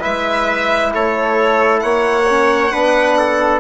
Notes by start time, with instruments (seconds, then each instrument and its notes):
0.00 bassoon G#3, trombone E4, trumpet B4, violin E5
0.94 bassoon A3, trumpet A4, violin C#5
1.80 bassoon A#3, trumpet C#5, violin F#5
2.30 trombone C#4
2.72 bassoon B3, trombone D4, trumpet B4
3.19 trumpet A4